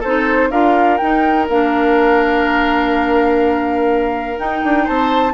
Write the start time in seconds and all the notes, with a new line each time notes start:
0.00 C4 D#4 A4 C5
0.51 D4 F4 A#4 F5
0.98 D#4 G5
1.48 A#3 D4 F5
4.38 D#4 G5
4.63 D4
4.84 C4 C5 A5